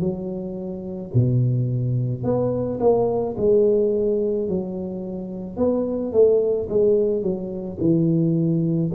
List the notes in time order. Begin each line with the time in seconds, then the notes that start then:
0.00 F#3
1.14 B2
2.24 B3
2.80 A#3
3.37 G#3
4.48 F#3
5.57 B3
6.12 A3
6.69 G#3
7.22 F#3
7.80 E3